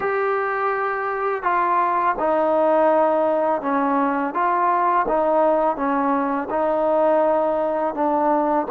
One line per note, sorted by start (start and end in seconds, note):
0.00 1.42 G4
1.42 2.15 F4
2.19 3.61 D#4
3.61 4.33 C#4
4.33 5.06 F4
5.08 5.76 D#4
5.76 6.48 C#4
6.50 7.94 D#4
7.94 8.66 D4